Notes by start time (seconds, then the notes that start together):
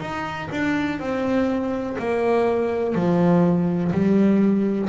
0.00 D#4
0.51 D4
0.99 C4
1.99 A#3
2.95 F3
3.92 G3